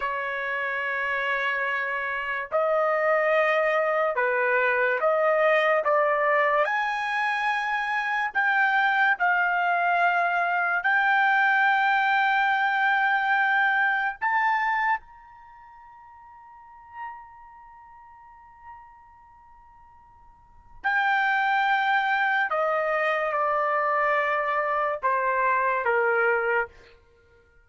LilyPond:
\new Staff \with { instrumentName = "trumpet" } { \time 4/4 \tempo 4 = 72 cis''2. dis''4~ | dis''4 b'4 dis''4 d''4 | gis''2 g''4 f''4~ | f''4 g''2.~ |
g''4 a''4 ais''2~ | ais''1~ | ais''4 g''2 dis''4 | d''2 c''4 ais'4 | }